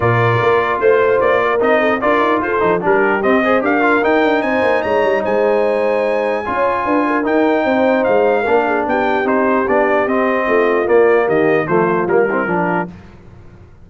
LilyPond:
<<
  \new Staff \with { instrumentName = "trumpet" } { \time 4/4 \tempo 4 = 149 d''2 c''4 d''4 | dis''4 d''4 c''4 ais'4 | dis''4 f''4 g''4 gis''4 | ais''4 gis''2.~ |
gis''2 g''2 | f''2 g''4 c''4 | d''4 dis''2 d''4 | dis''4 c''4 ais'2 | }
  \new Staff \with { instrumentName = "horn" } { \time 4/4 ais'2 c''4. ais'8~ | ais'8 a'8 ais'4 a'4 g'4~ | g'8 c''8 ais'2 c''4 | cis''4 c''2. |
cis''4 b'8 ais'4. c''4~ | c''4 ais'8 gis'8 g'2~ | g'2 f'2 | g'4 f'4. e'8 f'4 | }
  \new Staff \with { instrumentName = "trombone" } { \time 4/4 f'1 | dis'4 f'4. dis'8 d'4 | c'8 gis'8 g'8 f'8 dis'2~ | dis'1 |
f'2 dis'2~ | dis'4 d'2 dis'4 | d'4 c'2 ais4~ | ais4 a4 ais8 c'8 d'4 | }
  \new Staff \with { instrumentName = "tuba" } { \time 4/4 ais,4 ais4 a4 ais4 | c'4 d'8 dis'8 f'8 f8 g4 | c'4 d'4 dis'8 d'8 c'8 ais8 | gis8 g8 gis2. |
cis'4 d'4 dis'4 c'4 | gis4 ais4 b4 c'4 | b4 c'4 a4 ais4 | dis4 f4 g4 f4 | }
>>